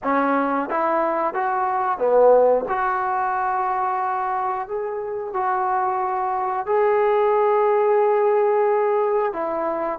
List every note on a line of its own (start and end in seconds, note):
0.03 0.69 C#4
0.69 1.34 E4
1.34 1.98 F#4
1.98 2.65 B3
2.68 4.68 F#4
4.68 5.33 G#4
5.33 6.65 F#4
6.65 9.32 G#4
9.32 9.99 E4